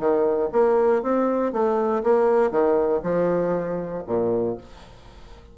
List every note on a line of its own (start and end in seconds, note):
0.00 0.50 D#3
0.52 1.03 A#3
1.03 1.53 C4
1.53 2.03 A3
2.04 2.52 A#3
2.52 3.02 D#3
3.03 4.04 F3
4.08 4.58 A#2